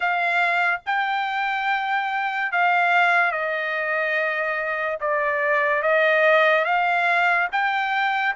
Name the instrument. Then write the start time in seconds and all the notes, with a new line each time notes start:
trumpet
0.00 F5
0.86 G5
2.52 F5
3.31 D#5
5.00 D5
5.82 D#5
6.64 F5
7.52 G5